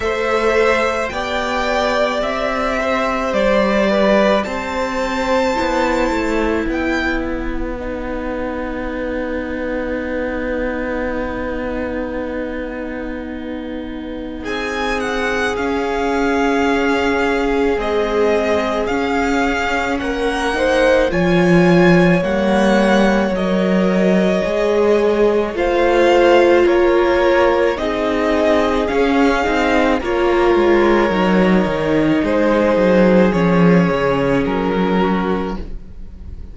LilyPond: <<
  \new Staff \with { instrumentName = "violin" } { \time 4/4 \tempo 4 = 54 e''4 g''4 e''4 d''4 | a''2 g''8 fis''4.~ | fis''1~ | fis''4 gis''8 fis''8 f''2 |
dis''4 f''4 fis''4 gis''4 | fis''4 dis''2 f''4 | cis''4 dis''4 f''4 cis''4~ | cis''4 c''4 cis''4 ais'4 | }
  \new Staff \with { instrumentName = "violin" } { \time 4/4 c''4 d''4. c''4 b'8 | c''2 b'2~ | b'1~ | b'4 gis'2.~ |
gis'2 ais'8 c''8 cis''4~ | cis''2. c''4 | ais'4 gis'2 ais'4~ | ais'4 gis'2~ gis'8 fis'8 | }
  \new Staff \with { instrumentName = "viola" } { \time 4/4 a'4 g'2.~ | g'4 e'2 dis'4~ | dis'1~ | dis'2 cis'2 |
gis4 cis'4. dis'8 f'4 | ais4 ais'4 gis'4 f'4~ | f'4 dis'4 cis'8 dis'8 f'4 | dis'2 cis'2 | }
  \new Staff \with { instrumentName = "cello" } { \time 4/4 a4 b4 c'4 g4 | c'4 b8 a8 b2~ | b1~ | b4 c'4 cis'2 |
c'4 cis'4 ais4 f4 | g4 fis4 gis4 a4 | ais4 c'4 cis'8 c'8 ais8 gis8 | fis8 dis8 gis8 fis8 f8 cis8 fis4 | }
>>